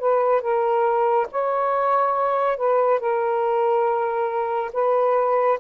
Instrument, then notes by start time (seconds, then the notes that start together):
saxophone
0.00 B4
0.42 A#4
1.32 C#5
2.57 B4
3.00 A#4
4.73 B4